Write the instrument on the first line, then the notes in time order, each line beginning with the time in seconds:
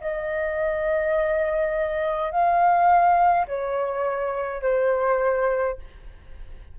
flute
0.00 D#5
2.31 F5
3.47 C#5
4.62 C5